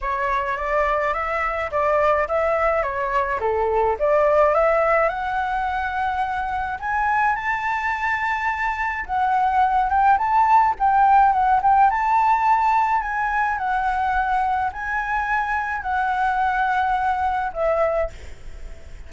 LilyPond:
\new Staff \with { instrumentName = "flute" } { \time 4/4 \tempo 4 = 106 cis''4 d''4 e''4 d''4 | e''4 cis''4 a'4 d''4 | e''4 fis''2. | gis''4 a''2. |
fis''4. g''8 a''4 g''4 | fis''8 g''8 a''2 gis''4 | fis''2 gis''2 | fis''2. e''4 | }